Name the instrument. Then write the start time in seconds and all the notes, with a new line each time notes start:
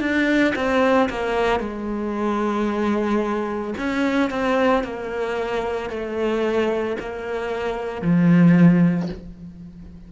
cello
0.00 D4
0.55 C4
1.09 A#3
1.60 G#3
3.77 C#4
4.30 C4
4.84 A#3
5.89 A3
7.00 A#3
8.02 F3